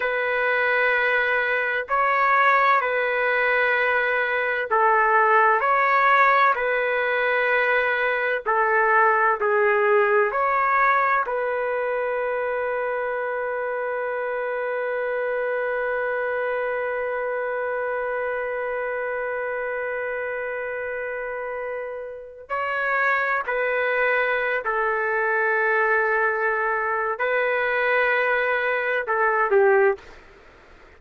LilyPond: \new Staff \with { instrumentName = "trumpet" } { \time 4/4 \tempo 4 = 64 b'2 cis''4 b'4~ | b'4 a'4 cis''4 b'4~ | b'4 a'4 gis'4 cis''4 | b'1~ |
b'1~ | b'1 | cis''4 b'4~ b'16 a'4.~ a'16~ | a'4 b'2 a'8 g'8 | }